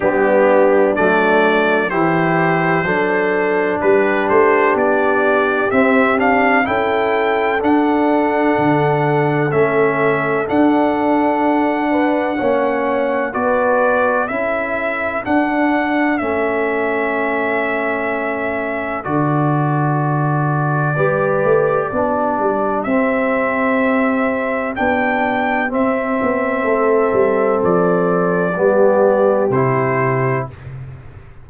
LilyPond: <<
  \new Staff \with { instrumentName = "trumpet" } { \time 4/4 \tempo 4 = 63 g'4 d''4 c''2 | b'8 c''8 d''4 e''8 f''8 g''4 | fis''2 e''4 fis''4~ | fis''2 d''4 e''4 |
fis''4 e''2. | d''1 | e''2 g''4 e''4~ | e''4 d''2 c''4 | }
  \new Staff \with { instrumentName = "horn" } { \time 4/4 d'2 g'4 a'4 | g'2. a'4~ | a'1~ | a'8 b'8 cis''4 b'4 a'4~ |
a'1~ | a'2 b'4 g'4~ | g'1 | a'2 g'2 | }
  \new Staff \with { instrumentName = "trombone" } { \time 4/4 b4 a4 e'4 d'4~ | d'2 c'8 d'8 e'4 | d'2 cis'4 d'4~ | d'4 cis'4 fis'4 e'4 |
d'4 cis'2. | fis'2 g'4 d'4 | c'2 d'4 c'4~ | c'2 b4 e'4 | }
  \new Staff \with { instrumentName = "tuba" } { \time 4/4 g4 fis4 e4 fis4 | g8 a8 b4 c'4 cis'4 | d'4 d4 a4 d'4~ | d'4 ais4 b4 cis'4 |
d'4 a2. | d2 g8 a8 b8 g8 | c'2 b4 c'8 b8 | a8 g8 f4 g4 c4 | }
>>